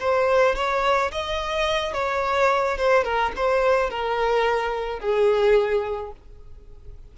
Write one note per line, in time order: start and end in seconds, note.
0.00 0.55 C5
0.55 1.11 C#5
1.11 1.93 D#5
1.93 2.77 C#5
2.78 3.04 C5
3.04 3.32 A#4
3.36 3.90 C5
3.90 5.00 A#4
5.00 6.12 G#4